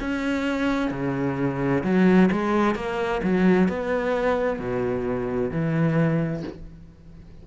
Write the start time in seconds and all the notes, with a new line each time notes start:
0.00 C#4
0.91 C#3
1.83 F#3
2.31 G#3
2.75 A#3
3.23 F#3
3.68 B3
4.59 B2
5.51 E3